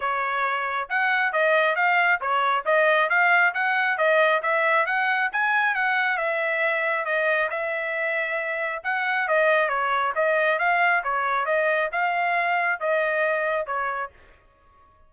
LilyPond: \new Staff \with { instrumentName = "trumpet" } { \time 4/4 \tempo 4 = 136 cis''2 fis''4 dis''4 | f''4 cis''4 dis''4 f''4 | fis''4 dis''4 e''4 fis''4 | gis''4 fis''4 e''2 |
dis''4 e''2. | fis''4 dis''4 cis''4 dis''4 | f''4 cis''4 dis''4 f''4~ | f''4 dis''2 cis''4 | }